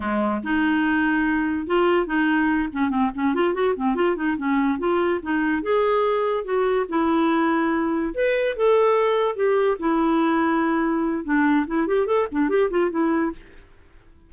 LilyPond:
\new Staff \with { instrumentName = "clarinet" } { \time 4/4 \tempo 4 = 144 gis4 dis'2. | f'4 dis'4. cis'8 c'8 cis'8 | f'8 fis'8 c'8 f'8 dis'8 cis'4 f'8~ | f'8 dis'4 gis'2 fis'8~ |
fis'8 e'2. b'8~ | b'8 a'2 g'4 e'8~ | e'2. d'4 | e'8 g'8 a'8 d'8 g'8 f'8 e'4 | }